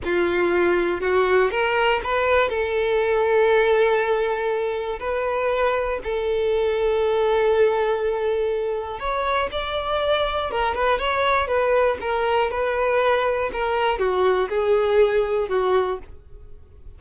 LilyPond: \new Staff \with { instrumentName = "violin" } { \time 4/4 \tempo 4 = 120 f'2 fis'4 ais'4 | b'4 a'2.~ | a'2 b'2 | a'1~ |
a'2 cis''4 d''4~ | d''4 ais'8 b'8 cis''4 b'4 | ais'4 b'2 ais'4 | fis'4 gis'2 fis'4 | }